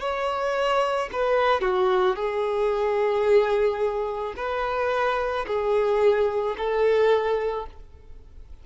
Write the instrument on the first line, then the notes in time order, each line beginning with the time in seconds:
violin
0.00 C#5
1.12 B4
1.61 F#4
2.16 G#4
4.36 B4
5.46 G#4
6.57 A4